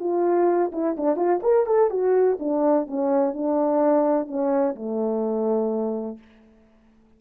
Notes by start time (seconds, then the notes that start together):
0.00 F4
0.72 E4
0.97 D4
1.16 F4
1.43 A#4
1.66 A4
1.90 F#4
2.39 D4
2.87 C#4
3.34 D4
4.27 C#4
4.76 A3